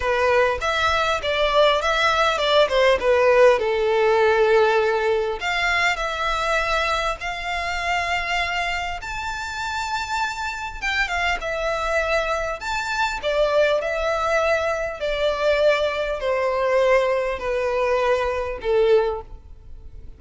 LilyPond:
\new Staff \with { instrumentName = "violin" } { \time 4/4 \tempo 4 = 100 b'4 e''4 d''4 e''4 | d''8 c''8 b'4 a'2~ | a'4 f''4 e''2 | f''2. a''4~ |
a''2 g''8 f''8 e''4~ | e''4 a''4 d''4 e''4~ | e''4 d''2 c''4~ | c''4 b'2 a'4 | }